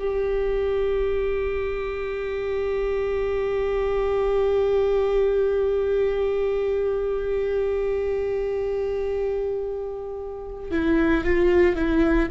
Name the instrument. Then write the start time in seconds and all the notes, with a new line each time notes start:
viola
0.00 G4
10.71 E4
11.25 F4
11.76 E4